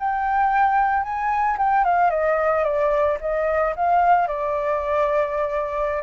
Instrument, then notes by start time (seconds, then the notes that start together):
flute
0.00 G5
1.03 G#5
1.58 G5
1.85 F5
2.11 D#5
2.64 D5
3.21 D#5
3.76 F5
4.28 D5